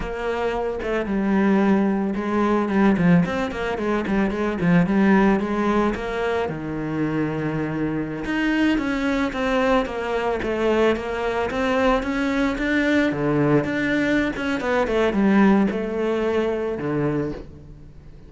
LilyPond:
\new Staff \with { instrumentName = "cello" } { \time 4/4 \tempo 4 = 111 ais4. a8 g2 | gis4 g8 f8 c'8 ais8 gis8 g8 | gis8 f8 g4 gis4 ais4 | dis2.~ dis16 dis'8.~ |
dis'16 cis'4 c'4 ais4 a8.~ | a16 ais4 c'4 cis'4 d'8.~ | d'16 d4 d'4~ d'16 cis'8 b8 a8 | g4 a2 d4 | }